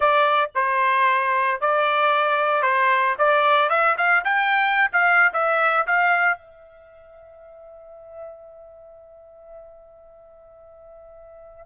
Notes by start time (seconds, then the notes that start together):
0.00 D5
0.55 C5
1.60 D5
2.62 C5
3.18 D5
3.69 E5
3.97 F5
4.24 G5
4.92 F5
5.33 E5
5.86 F5
6.38 E5